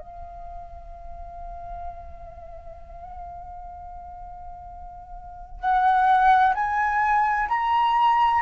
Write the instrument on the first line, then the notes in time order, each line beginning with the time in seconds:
flute
0.00 F5
5.60 F#5
6.55 G#5
7.49 A#5